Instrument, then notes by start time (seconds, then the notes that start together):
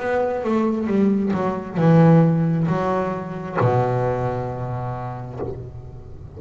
double bass
0.00 B3
0.44 A3
0.87 G3
1.34 F#3
1.77 E3
2.67 F#3
3.61 B2